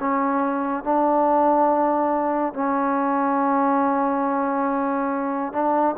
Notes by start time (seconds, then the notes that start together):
0.00 C#4
0.83 D4
2.53 C#4
5.52 D4